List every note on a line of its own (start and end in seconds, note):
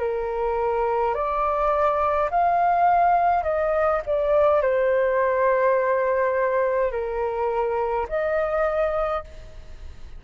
0.00 1.15 A#4
1.15 2.30 D5
2.31 3.44 F5
3.44 4.01 D#5
4.06 4.62 D5
4.62 6.92 C5
6.92 8.07 A#4
8.09 9.25 D#5